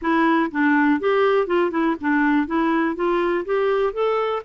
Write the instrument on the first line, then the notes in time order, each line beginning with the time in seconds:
clarinet
0.01 E4
0.51 D4
1.00 G4
1.46 F4
1.71 E4
2.00 D4
2.46 E4
2.95 F4
3.45 G4
3.93 A4